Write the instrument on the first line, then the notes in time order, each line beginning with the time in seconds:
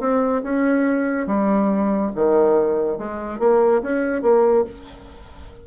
bassoon
0.00 C4
0.43 C#4
1.27 G3
2.15 D#3
2.98 G#3
3.40 A#3
3.82 C#4
4.22 A#3